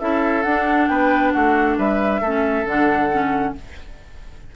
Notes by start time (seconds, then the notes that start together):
0.00 C#4 E4 A4 E5
0.44 D4 F#5
0.88 B3 B4 G5
1.33 A3 F#4 F#5
1.78 G3 B4 E5
2.21 A3 C#4 A4
2.66 D3 D4 F#5
3.11 C#4